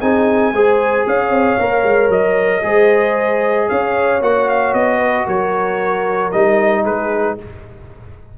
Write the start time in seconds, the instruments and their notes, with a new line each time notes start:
0.00 tuba C4, trombone D#4, horn G#4, trumpet G#5
0.53 tuba G#3, trombone G#4, horn C5
1.07 tuba C#4, horn C#5, trumpet F5
1.30 tuba C4
1.59 tuba A#3, trombone A#4
1.84 tuba G#3
2.09 tuba F#3, trumpet D#5
2.63 tuba G#3, trombone G#4, horn C5
3.69 tuba C#4, horn C#5, trumpet F5
4.22 tuba A#3, trombone F#4, trumpet F#5
4.49 trumpet F5
4.74 tuba B3, trumpet D#5
4.99 horn B4
5.25 tuba F#3, horn A#4, trumpet C#5
6.32 tuba G3, trombone D#4, trumpet D#5
6.83 tuba G#3, horn G#4, trumpet B4